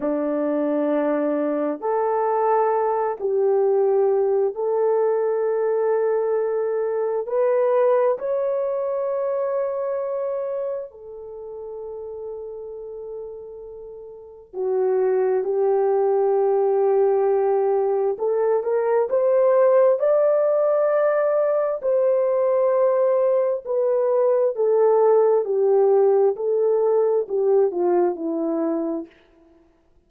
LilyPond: \new Staff \with { instrumentName = "horn" } { \time 4/4 \tempo 4 = 66 d'2 a'4. g'8~ | g'4 a'2. | b'4 cis''2. | a'1 |
fis'4 g'2. | a'8 ais'8 c''4 d''2 | c''2 b'4 a'4 | g'4 a'4 g'8 f'8 e'4 | }